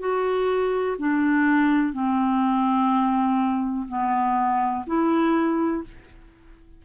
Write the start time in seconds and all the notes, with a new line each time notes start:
0.00 F#4
0.99 D4
1.93 C4
3.88 B3
4.87 E4